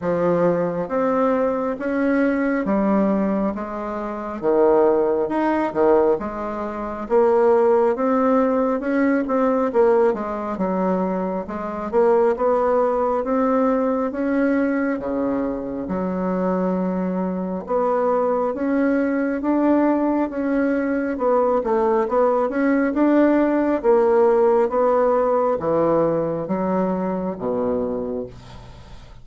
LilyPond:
\new Staff \with { instrumentName = "bassoon" } { \time 4/4 \tempo 4 = 68 f4 c'4 cis'4 g4 | gis4 dis4 dis'8 dis8 gis4 | ais4 c'4 cis'8 c'8 ais8 gis8 | fis4 gis8 ais8 b4 c'4 |
cis'4 cis4 fis2 | b4 cis'4 d'4 cis'4 | b8 a8 b8 cis'8 d'4 ais4 | b4 e4 fis4 b,4 | }